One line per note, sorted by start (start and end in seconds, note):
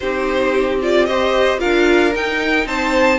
0.00 1.62 C4
0.00 0.81 D#4
0.00 1.08 G4
0.00 0.78 C5
0.81 1.07 F4
0.81 1.05 D5
1.05 1.58 G4
1.05 1.59 C5
1.05 1.59 D#5
1.58 2.15 D4
1.58 2.12 F4
1.58 2.66 A#4
1.58 2.13 F5
2.14 3.19 D#4
2.14 2.66 D#4
2.14 2.67 G5
2.66 3.19 C4
2.66 3.19 C5
2.66 3.19 A5